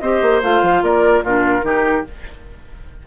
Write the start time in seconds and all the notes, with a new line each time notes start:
0.00 C4 G4 C5 D#5
0.22 A#3
0.43 A3 F4 F5
0.62 F3
0.82 A#3 A#4 D5
1.23 A#2 D4 F4 A#4
1.62 D#3 D#4 G4